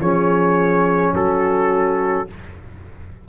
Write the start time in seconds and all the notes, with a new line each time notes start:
0.00 F3 C#4 G#4 C#5
1.14 F#3 F#4 A4